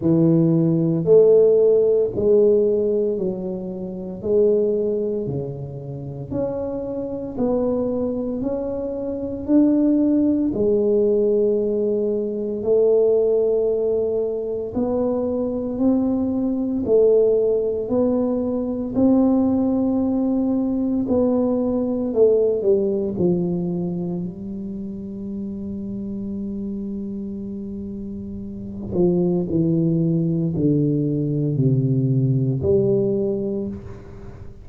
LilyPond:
\new Staff \with { instrumentName = "tuba" } { \time 4/4 \tempo 4 = 57 e4 a4 gis4 fis4 | gis4 cis4 cis'4 b4 | cis'4 d'4 gis2 | a2 b4 c'4 |
a4 b4 c'2 | b4 a8 g8 f4 g4~ | g2.~ g8 f8 | e4 d4 c4 g4 | }